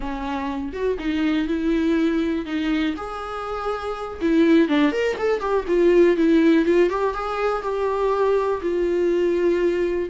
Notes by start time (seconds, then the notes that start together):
0.00 C#4
0.72 F#4
0.98 D#4
1.47 E4
2.45 D#4
2.96 G#4
4.21 E4
4.68 D4
4.92 A#4
5.18 A4
5.40 G4
5.67 F4
6.17 E4
6.65 F4
6.89 G4
7.14 G#4
7.62 G4
8.61 F4